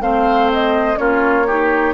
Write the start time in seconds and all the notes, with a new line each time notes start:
0.00 A3 C4 C5 F5
0.53 D#5
0.96 A#3 C#4 F4 C#5
1.47 D#4 G4